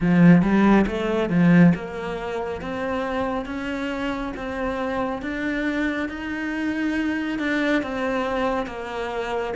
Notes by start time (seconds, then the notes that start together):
0.00 F3
0.42 G3
0.86 A3
1.29 F3
1.74 A#3
2.61 C4
3.45 C#4
4.36 C4
5.22 D4
6.08 D#4
7.38 D4
7.82 C4
8.66 A#3